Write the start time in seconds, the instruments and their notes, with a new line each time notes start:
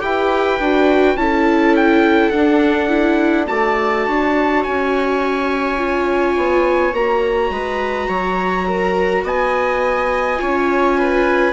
0.00 bassoon E4, viola G4 B4, trumpet G5
0.60 bassoon D4, viola F#4
1.15 bassoon C#4, viola E4 A4, trumpet A5
1.76 trumpet G5
2.30 viola D4, trumpet F#5
2.36 bassoon D4
2.89 viola E4
3.47 bassoon A3, viola F#4 D5, trumpet A5
4.07 bassoon D4, viola C#5
4.63 bassoon C#4, trumpet G#5
5.77 viola F4
6.37 bassoon B3
6.93 bassoon A#3, viola F#4, trumpet A#5
7.50 bassoon G#3, viola B4
8.08 bassoon F#3, viola C#5
8.68 viola A#4
9.24 bassoon B3, viola D#5, trumpet G#5
10.37 bassoon C#4, viola F4 C#5
10.99 viola B4